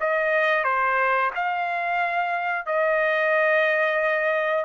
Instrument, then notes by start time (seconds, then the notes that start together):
trumpet
0.00 D#5
0.64 C5
1.35 F5
2.66 D#5